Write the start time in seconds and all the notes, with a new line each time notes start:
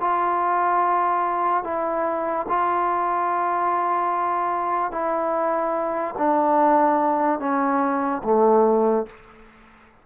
0.00 F4
1.64 E4
2.48 F4
4.91 E4
6.18 D4
7.39 C#4
8.24 A3